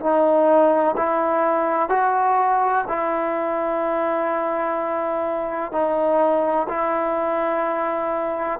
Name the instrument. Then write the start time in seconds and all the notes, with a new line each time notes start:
trombone
0.00 D#4
0.97 E4
1.89 F#4
2.88 E4
5.72 D#4
6.69 E4